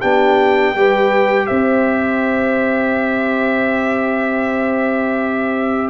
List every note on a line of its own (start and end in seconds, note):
0.00 0.74 B3
0.00 0.76 D4
0.00 0.74 G4
0.00 1.47 G5
0.74 1.48 G3
0.74 5.90 G4
0.74 1.46 B4
1.46 5.90 C4
1.46 5.90 C5
1.46 5.90 E5